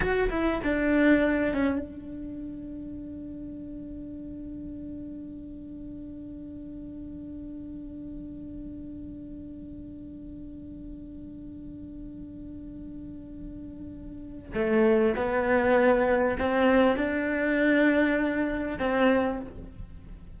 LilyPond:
\new Staff \with { instrumentName = "cello" } { \time 4/4 \tempo 4 = 99 fis'8 e'8 d'4. cis'8 d'4~ | d'1~ | d'1~ | d'1~ |
d'1~ | d'1 | a4 b2 c'4 | d'2. c'4 | }